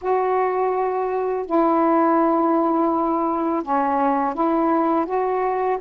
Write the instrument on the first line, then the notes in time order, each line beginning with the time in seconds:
saxophone
0.01 F#4
1.46 E4
3.62 C#4
4.34 E4
5.05 F#4